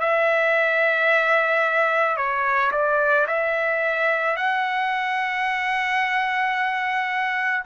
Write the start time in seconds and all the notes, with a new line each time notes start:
0.00 E5
2.17 C#5
2.72 D5
3.27 E5
4.36 F#5